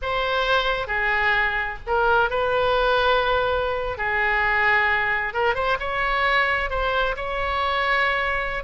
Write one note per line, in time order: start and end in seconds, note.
0.01 0.87 C5
0.87 1.78 G#4
1.86 2.30 A#4
2.30 3.97 B4
3.97 5.33 G#4
5.33 5.54 A#4
5.54 5.77 C5
5.79 6.70 C#5
6.70 7.15 C5
7.16 8.63 C#5